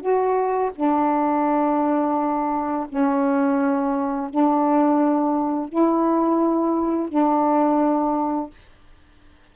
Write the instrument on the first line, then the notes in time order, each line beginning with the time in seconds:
saxophone
0.00 F#4
0.75 D4
2.89 C#4
4.30 D4
5.69 E4
7.09 D4